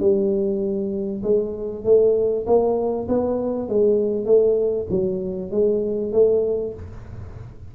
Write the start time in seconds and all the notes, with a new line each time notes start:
0.00 G3
1.24 G#3
1.85 A3
2.47 A#3
3.09 B3
3.69 G#3
4.26 A3
4.90 F#3
5.52 G#3
6.13 A3